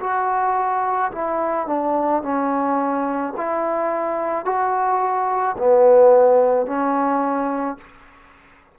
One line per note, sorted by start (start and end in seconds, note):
0.00 1.11 F#4
1.11 1.67 E4
1.67 2.22 D4
2.22 3.33 C#4
3.36 4.45 E4
4.45 5.56 F#4
5.58 6.66 B3
6.66 7.77 C#4